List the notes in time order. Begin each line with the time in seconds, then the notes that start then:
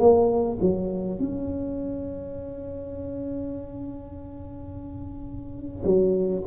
0.00 A#3
0.61 F#3
1.20 C#4
5.85 F#3